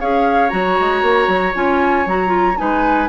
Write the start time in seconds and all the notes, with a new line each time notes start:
0.00 C#4 G#4 C#5 F5
0.50 F#3 F#4 A#5
0.80 G#3
1.02 A#3
1.28 F#3
1.54 C#4 F4 G#5
2.06 F#3 F#4 A#5
2.27 F4
2.58 G#3 D#4 B4 G#5